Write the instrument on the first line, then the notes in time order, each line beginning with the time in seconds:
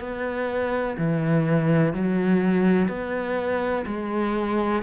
cello
0.00 B3
0.98 E3
1.94 F#3
2.89 B3
3.86 G#3